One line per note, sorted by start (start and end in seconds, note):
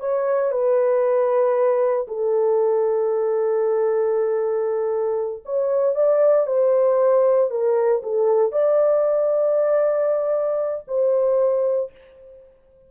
0.00 0.52 C#5
0.52 2.07 B4
2.08 5.44 A4
5.45 5.95 C#5
5.95 6.47 D5
6.47 7.50 C5
7.50 8.02 A#4
8.03 8.52 A4
8.52 10.85 D5
10.88 11.91 C5